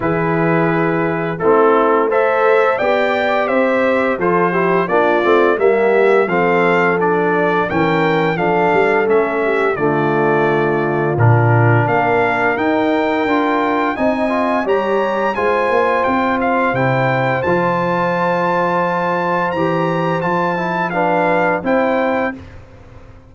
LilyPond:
<<
  \new Staff \with { instrumentName = "trumpet" } { \time 4/4 \tempo 4 = 86 b'2 a'4 e''4 | g''4 e''4 c''4 d''4 | e''4 f''4 d''4 g''4 | f''4 e''4 d''2 |
ais'4 f''4 g''2 | gis''4 ais''4 gis''4 g''8 f''8 | g''4 a''2. | ais''4 a''4 f''4 g''4 | }
  \new Staff \with { instrumentName = "horn" } { \time 4/4 gis'2 e'4 c''4 | d''4 c''4 a'8 g'8 f'4 | g'4 a'2 ais'4 | a'4. g'8 f'2~ |
f'4 ais'2. | dis''4 cis''4 c''2~ | c''1~ | c''2 b'4 c''4 | }
  \new Staff \with { instrumentName = "trombone" } { \time 4/4 e'2 c'4 a'4 | g'2 f'8 e'8 d'8 c'8 | ais4 c'4 d'4 cis'4 | d'4 cis'4 a2 |
d'2 dis'4 f'4 | dis'8 f'8 g'4 f'2 | e'4 f'2. | g'4 f'8 e'8 d'4 e'4 | }
  \new Staff \with { instrumentName = "tuba" } { \time 4/4 e2 a2 | b4 c'4 f4 ais8 a8 | g4 f2 e4 | f8 g8 a4 d2 |
ais,4 ais4 dis'4 d'4 | c'4 g4 gis8 ais8 c'4 | c4 f2. | e4 f2 c'4 | }
>>